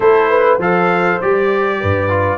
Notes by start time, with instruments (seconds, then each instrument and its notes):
0.00 tuba A3, trombone E4, horn A4, trumpet C5
0.29 horn B4
0.57 tuba F3, trombone A4, horn C5, trumpet F5
1.21 tuba G3, trombone G4, trumpet D5
1.80 tuba G2, horn B4
2.09 trombone F4